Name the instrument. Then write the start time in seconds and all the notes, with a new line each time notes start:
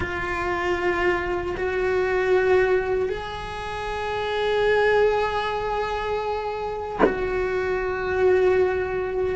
cello
0.00 F4
1.56 F#4
3.09 G#4
7.05 F#4